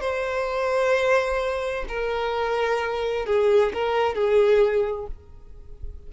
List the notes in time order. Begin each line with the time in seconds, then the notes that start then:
0.00 C5
1.88 A#4
3.26 G#4
3.73 A#4
4.14 G#4